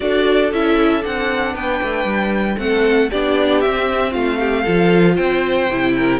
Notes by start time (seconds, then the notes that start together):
0.00 D4 F#4 A4 D5
0.52 C#4 E4 E5
1.01 C4 D4 F#5
1.54 B3 B4 G5
1.82 A3
2.04 G3
2.56 A3 C4 F#5
2.63 A4
3.10 B3 D4 G4 D5
3.60 C4 E5
4.11 A3 F4 F5
4.39 G4
4.62 F3 F4 A4
5.14 C4 C5 G5
5.70 C3 E4
5.96 A#4